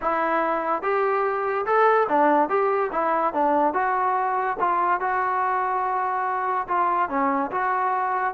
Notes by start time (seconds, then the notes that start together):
0.01 E4
0.82 G4
1.66 A4
2.09 D4
2.49 G4
2.92 E4
3.33 D4
3.73 F#4
4.59 F4
5.00 F#4
6.68 F4
7.09 C#4
7.51 F#4